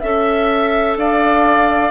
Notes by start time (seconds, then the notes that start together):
0.00 C#4 A4 E5
0.97 D4 D5 F5